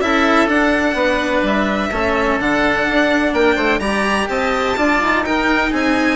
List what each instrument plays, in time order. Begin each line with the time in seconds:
0.00 bassoon C#4, cello E4, oboe A4, violin E5
0.47 cello D4, bassoon D4, violin F#5
0.94 bassoon B3, oboe B4
1.43 bassoon G3, violin E5
1.91 bassoon A3, cello C#4, oboe A4
2.38 bassoon D3, cello D4, violin F#5
2.87 bassoon D4
3.33 bassoon A#3, oboe A#4, violin G5
3.55 bassoon A3, oboe C5
3.79 bassoon G3, cello G4, oboe D5, violin A#5
4.29 bassoon C4, oboe D#5, violin A5
4.77 bassoon D4, cello F4, oboe D5
5.01 bassoon D#4
5.24 cello D#4, oboe A#4, violin G5
5.70 bassoon C4, oboe G#4, violin G#5